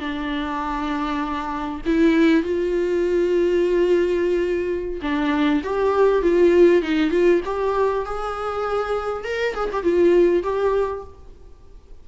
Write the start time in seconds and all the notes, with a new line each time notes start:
0.00 D4
1.86 E4
2.43 F4
5.02 D4
5.64 G4
6.23 F4
6.83 D#4
7.11 F4
7.45 G4
8.06 G#4
9.25 A#4
9.55 G#4
9.73 G4
9.83 F4
10.44 G4